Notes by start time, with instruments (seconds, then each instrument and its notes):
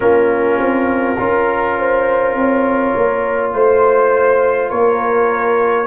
0.00 tuba A#3, trombone C#4, horn F4, trumpet A#4
0.59 tuba C4
1.18 tuba C#4, trombone F4, horn A#4
1.78 horn C5
2.34 tuba C4, horn C#5
2.95 tuba A#3
3.53 tuba A3, trumpet C5, horn C5
4.69 tuba A#3, horn A#4, trumpet C#5